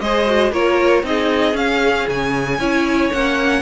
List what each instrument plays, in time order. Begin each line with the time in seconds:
0.00 cello G#3, viola G#4, violin C5 D#5
0.26 viola F#4
0.51 cello A#3, viola F4, violin A#4 C#5
1.03 cello C4, viola D#4, violin G#4 D#5
1.53 viola C#4, cello C#4, violin F5
2.07 cello C#3, violin G#5
2.59 cello C#4, viola E4, violin C#5
3.12 cello A#3, viola C#4, violin F#5